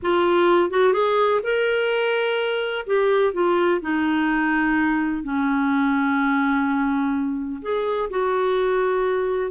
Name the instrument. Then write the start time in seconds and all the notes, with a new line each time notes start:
clarinet
0.02 F4
0.70 F#4
0.93 G#4
1.43 A#4
2.86 G4
3.33 F4
3.81 D#4
5.23 C#4
7.62 G#4
8.10 F#4